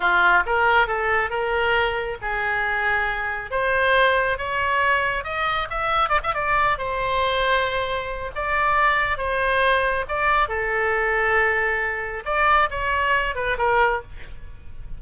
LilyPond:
\new Staff \with { instrumentName = "oboe" } { \time 4/4 \tempo 4 = 137 f'4 ais'4 a'4 ais'4~ | ais'4 gis'2. | c''2 cis''2 | dis''4 e''4 d''16 e''16 d''4 c''8~ |
c''2. d''4~ | d''4 c''2 d''4 | a'1 | d''4 cis''4. b'8 ais'4 | }